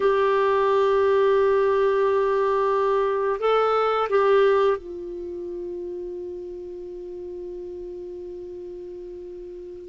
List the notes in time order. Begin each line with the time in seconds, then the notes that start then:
0.00 G4
3.40 A4
4.09 G4
4.77 F4